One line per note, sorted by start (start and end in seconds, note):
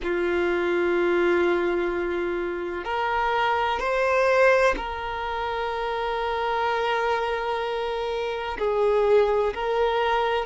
0.03 2.84 F4
2.84 3.79 A#4
3.79 4.74 C5
4.76 8.57 A#4
8.58 9.53 G#4
9.54 10.45 A#4